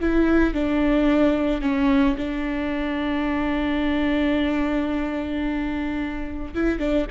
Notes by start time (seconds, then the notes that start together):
0.00 E4
0.54 D4
1.61 C#4
2.17 D4
6.54 E4
6.79 D4